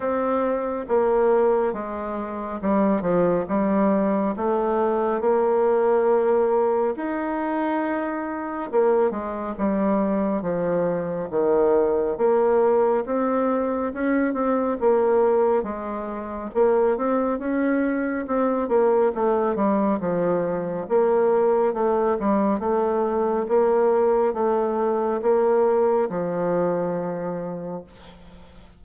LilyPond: \new Staff \with { instrumentName = "bassoon" } { \time 4/4 \tempo 4 = 69 c'4 ais4 gis4 g8 f8 | g4 a4 ais2 | dis'2 ais8 gis8 g4 | f4 dis4 ais4 c'4 |
cis'8 c'8 ais4 gis4 ais8 c'8 | cis'4 c'8 ais8 a8 g8 f4 | ais4 a8 g8 a4 ais4 | a4 ais4 f2 | }